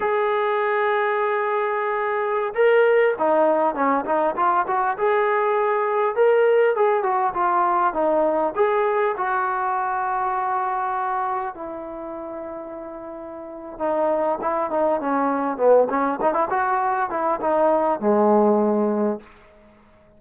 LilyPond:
\new Staff \with { instrumentName = "trombone" } { \time 4/4 \tempo 4 = 100 gis'1~ | gis'16 ais'4 dis'4 cis'8 dis'8 f'8 fis'16~ | fis'16 gis'2 ais'4 gis'8 fis'16~ | fis'16 f'4 dis'4 gis'4 fis'8.~ |
fis'2.~ fis'16 e'8.~ | e'2. dis'4 | e'8 dis'8 cis'4 b8 cis'8 dis'16 e'16 fis'8~ | fis'8 e'8 dis'4 gis2 | }